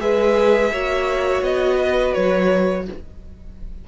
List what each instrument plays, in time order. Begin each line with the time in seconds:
0.00 cello G#3, viola G#4, violin B4 E5
0.72 cello A#3, viola F#4, violin C#5
1.42 cello B3, violin D#5
1.77 violin B4
2.14 cello F#3, violin C#5